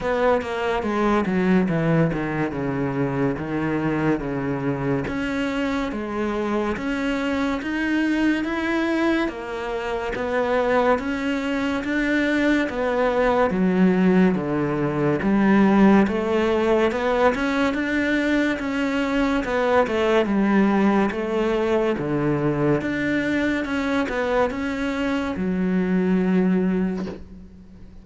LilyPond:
\new Staff \with { instrumentName = "cello" } { \time 4/4 \tempo 4 = 71 b8 ais8 gis8 fis8 e8 dis8 cis4 | dis4 cis4 cis'4 gis4 | cis'4 dis'4 e'4 ais4 | b4 cis'4 d'4 b4 |
fis4 d4 g4 a4 | b8 cis'8 d'4 cis'4 b8 a8 | g4 a4 d4 d'4 | cis'8 b8 cis'4 fis2 | }